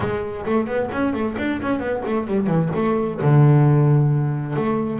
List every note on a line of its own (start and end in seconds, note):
0.00 0.44 G#3
0.45 0.66 A3
0.66 0.89 B3
0.92 1.13 C#4
1.13 1.36 A3
1.38 1.60 D4
1.61 1.79 C#4
1.79 2.02 B3
2.05 2.27 A3
2.27 2.46 G3
2.46 2.69 E3
2.75 3.20 A3
3.21 4.56 D3
4.56 4.99 A3